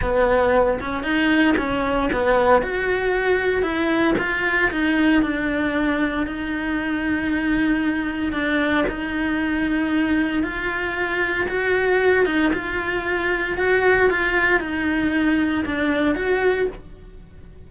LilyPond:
\new Staff \with { instrumentName = "cello" } { \time 4/4 \tempo 4 = 115 b4. cis'8 dis'4 cis'4 | b4 fis'2 e'4 | f'4 dis'4 d'2 | dis'1 |
d'4 dis'2. | f'2 fis'4. dis'8 | f'2 fis'4 f'4 | dis'2 d'4 fis'4 | }